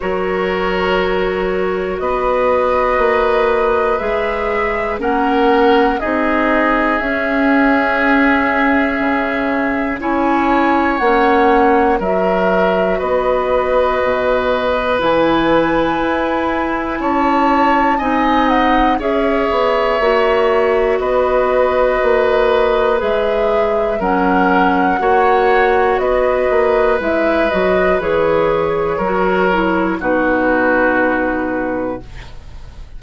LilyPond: <<
  \new Staff \with { instrumentName = "flute" } { \time 4/4 \tempo 4 = 60 cis''2 dis''2 | e''4 fis''4 dis''4 e''4~ | e''2 gis''4 fis''4 | e''4 dis''2 gis''4~ |
gis''4 a''4 gis''8 fis''8 e''4~ | e''4 dis''2 e''4 | fis''2 dis''4 e''8 dis''8 | cis''2 b'2 | }
  \new Staff \with { instrumentName = "oboe" } { \time 4/4 ais'2 b'2~ | b'4 ais'4 gis'2~ | gis'2 cis''2 | ais'4 b'2.~ |
b'4 cis''4 dis''4 cis''4~ | cis''4 b'2. | ais'4 cis''4 b'2~ | b'4 ais'4 fis'2 | }
  \new Staff \with { instrumentName = "clarinet" } { \time 4/4 fis'1 | gis'4 cis'4 dis'4 cis'4~ | cis'2 e'4 cis'4 | fis'2. e'4~ |
e'2 dis'4 gis'4 | fis'2. gis'4 | cis'4 fis'2 e'8 fis'8 | gis'4 fis'8 e'8 dis'2 | }
  \new Staff \with { instrumentName = "bassoon" } { \time 4/4 fis2 b4 ais4 | gis4 ais4 c'4 cis'4~ | cis'4 cis4 cis'4 ais4 | fis4 b4 b,4 e4 |
e'4 cis'4 c'4 cis'8 b8 | ais4 b4 ais4 gis4 | fis4 ais4 b8 ais8 gis8 fis8 | e4 fis4 b,2 | }
>>